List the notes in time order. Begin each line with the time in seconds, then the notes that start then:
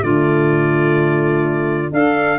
0.00 D3 A3 F4 D5
1.91 D4 A4 F5